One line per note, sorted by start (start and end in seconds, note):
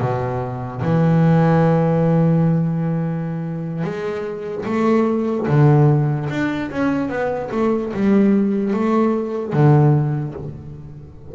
0.00 0.81 B2
0.81 3.83 E3
3.83 4.64 G#3
4.65 5.47 A3
5.47 6.28 D3
6.30 6.70 D4
6.71 7.09 C#4
7.09 7.49 B3
7.51 7.92 A3
7.93 8.73 G3
8.73 9.53 A3
9.53 10.34 D3